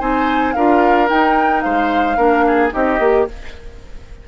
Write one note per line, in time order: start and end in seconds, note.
0.00 0.55 C4
0.00 0.55 D#4
0.00 0.55 C5
0.00 0.53 G#5
0.53 1.11 D4
0.53 1.08 F4
0.53 1.64 A#4
0.53 1.08 F5
1.08 2.17 D#4
1.08 1.65 D#4
1.08 1.61 G5
1.61 2.17 G#3
1.61 2.17 C5
1.61 2.70 F5
2.17 2.72 A#3
2.17 2.71 D4
2.17 2.44 A#4
2.47 2.73 G#4
2.71 2.99 C4
2.71 2.98 D#4
2.71 3.28 G4
2.71 3.28 D#5
2.99 3.26 A#3
2.99 3.28 G4